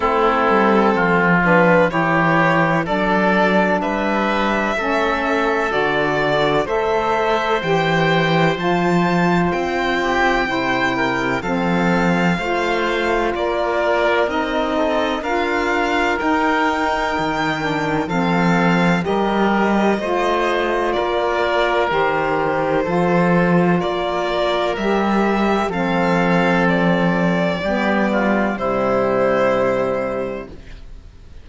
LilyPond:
<<
  \new Staff \with { instrumentName = "violin" } { \time 4/4 \tempo 4 = 63 a'4. b'8 cis''4 d''4 | e''2 d''4 e''4 | g''4 a''4 g''2 | f''2 d''4 dis''4 |
f''4 g''2 f''4 | dis''2 d''4 c''4~ | c''4 d''4 e''4 f''4 | d''2 c''2 | }
  \new Staff \with { instrumentName = "oboe" } { \time 4/4 e'4 f'4 g'4 a'4 | b'4 a'2 c''4~ | c''2~ c''8 g'8 c''8 ais'8 | a'4 c''4 ais'4. a'8 |
ais'2. a'4 | ais'4 c''4 ais'2 | a'4 ais'2 a'4~ | a'4 g'8 f'8 e'2 | }
  \new Staff \with { instrumentName = "saxophone" } { \time 4/4 c'4. d'8 e'4 d'4~ | d'4 cis'4 fis'4 a'4 | g'4 f'2 e'4 | c'4 f'2 dis'4 |
f'4 dis'4. d'8 c'4 | g'4 f'2 g'4 | f'2 g'4 c'4~ | c'4 b4 g2 | }
  \new Staff \with { instrumentName = "cello" } { \time 4/4 a8 g8 f4 e4 fis4 | g4 a4 d4 a4 | e4 f4 c'4 c4 | f4 a4 ais4 c'4 |
d'4 dis'4 dis4 f4 | g4 a4 ais4 dis4 | f4 ais4 g4 f4~ | f4 g4 c2 | }
>>